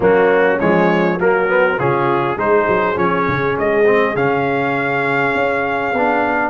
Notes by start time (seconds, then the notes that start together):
0.00 F#3 A#3 C#4 F#4
0.59 F3 G#3 C#5
1.19 F#3 A#3 F#4 A#4
1.48 B3
1.79 C#3 C#4 F4 G#4
2.36 G#3 D#4 G#4 C5
2.68 F#3
2.95 F3 C#4 C#5
3.27 C#3
3.58 G#3 D#5
3.86 C4
4.15 C#3 C#4 F5
5.34 C#4
5.93 B3 D4